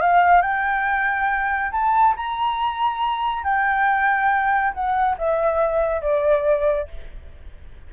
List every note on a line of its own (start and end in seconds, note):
0.00 0.41 F5
0.41 1.71 G5
1.71 2.14 A5
2.16 3.43 A#5
3.43 4.73 G5
4.73 5.16 F#5
5.18 6.01 E5
6.01 6.88 D5